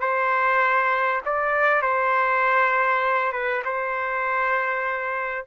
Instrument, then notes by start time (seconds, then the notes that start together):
trumpet
0.00 C5
1.25 D5
1.82 C5
3.32 B4
3.64 C5